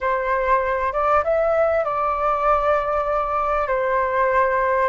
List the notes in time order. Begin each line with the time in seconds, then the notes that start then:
0.00 C5
0.92 D5
1.24 E5
1.84 D5
3.67 C5